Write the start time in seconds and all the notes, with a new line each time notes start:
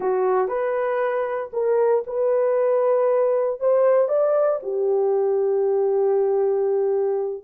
0.00 F#4
0.48 B4
1.52 A#4
2.07 B4
3.59 C5
4.08 D5
4.62 G4